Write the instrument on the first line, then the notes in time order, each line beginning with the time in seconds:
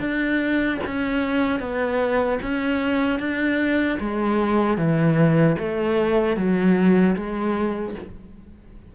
cello
0.00 D4
0.87 C#4
1.60 B3
2.43 C#4
3.20 D4
4.00 G#3
4.78 E3
5.59 A3
6.37 F#3
7.16 G#3